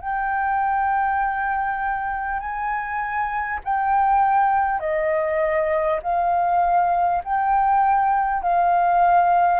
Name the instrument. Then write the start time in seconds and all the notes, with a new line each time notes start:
flute
0.00 G5
2.39 G#5
3.64 G5
4.79 D#5
6.02 F5
7.24 G5
8.42 F5